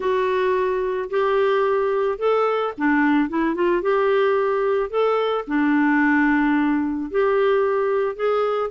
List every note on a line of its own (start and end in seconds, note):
0.00 1.09 F#4
1.09 2.18 G4
2.18 2.73 A4
2.77 3.29 D4
3.29 3.54 E4
3.54 3.82 F4
3.82 4.90 G4
4.90 5.44 A4
5.47 7.10 D4
7.10 8.15 G4
8.15 8.70 G#4